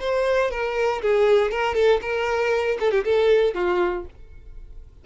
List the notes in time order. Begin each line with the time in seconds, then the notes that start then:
0.00 C5
0.51 A#4
1.02 G#4
1.51 A#4
1.75 A4
2.02 A#4
2.80 A4
2.91 G4
3.05 A4
3.55 F4